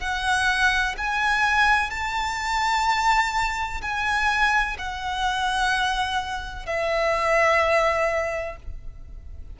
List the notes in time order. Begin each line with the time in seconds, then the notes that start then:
0.00 F#5
0.98 G#5
1.90 A5
3.82 G#5
4.78 F#5
6.66 E5